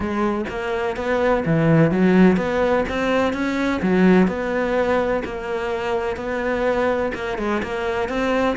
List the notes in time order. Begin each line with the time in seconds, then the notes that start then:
0.00 G#3
0.49 A#3
0.96 B3
1.45 E3
1.91 F#3
2.36 B3
2.88 C4
3.33 C#4
3.82 F#3
4.27 B3
5.24 A#3
6.16 B3
7.14 A#3
7.38 G#3
7.62 A#3
8.08 C4